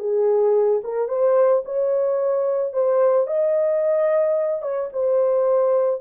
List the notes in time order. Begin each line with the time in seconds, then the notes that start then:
0.00 G#4
0.84 A#4
1.09 C5
1.65 C#5
2.73 C5
3.28 D#5
4.63 C#5
4.93 C5